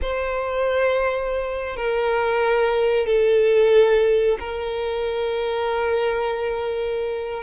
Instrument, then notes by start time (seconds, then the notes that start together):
violin
0.01 C5
1.76 A#4
3.06 A4
4.39 A#4